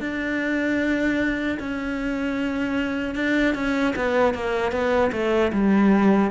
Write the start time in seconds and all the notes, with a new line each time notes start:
0.00 D4
1.59 C#4
3.15 D4
3.55 C#4
3.95 B3
4.34 A#3
4.72 B3
5.12 A3
5.52 G3